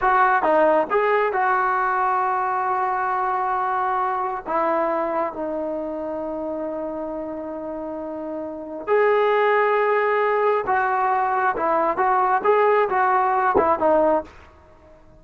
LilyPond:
\new Staff \with { instrumentName = "trombone" } { \time 4/4 \tempo 4 = 135 fis'4 dis'4 gis'4 fis'4~ | fis'1~ | fis'2 e'2 | dis'1~ |
dis'1 | gis'1 | fis'2 e'4 fis'4 | gis'4 fis'4. e'8 dis'4 | }